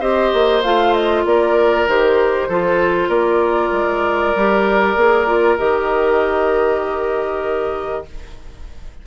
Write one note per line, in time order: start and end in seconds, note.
0.00 0.32 C4
0.00 0.63 G4
0.00 1.24 C5
0.00 0.62 D#5
0.33 0.64 A#3
0.63 1.25 A3
0.63 1.87 F4
0.63 0.94 F5
0.94 1.25 D#5
1.25 1.87 A#3
1.25 2.48 A#4
1.25 1.88 D5
1.87 2.48 D#3
1.87 2.50 G4
1.87 3.10 C5
2.48 3.08 F3
2.48 4.36 F4
2.48 3.09 A4
3.08 3.70 A#3
3.08 8.03 A#4
3.08 5.57 D5
3.72 4.34 G#3
4.35 4.96 G3
4.35 4.97 G4
4.96 5.58 A#3
4.96 5.27 G#4
5.27 5.58 F4
5.58 8.07 D#3
5.58 8.05 G4
5.58 8.05 D#5